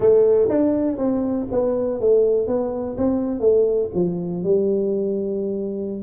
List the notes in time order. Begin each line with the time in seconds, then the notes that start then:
0.00 A3
0.49 D4
0.97 C4
1.51 B3
2.00 A3
2.47 B3
2.97 C4
3.40 A3
3.94 F3
4.43 G3